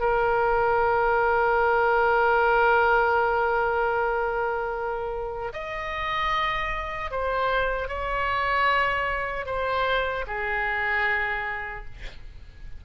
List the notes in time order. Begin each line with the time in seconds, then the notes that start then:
0.00 A#4
5.53 D#5
7.11 C5
7.88 C#5
9.46 C5
10.27 G#4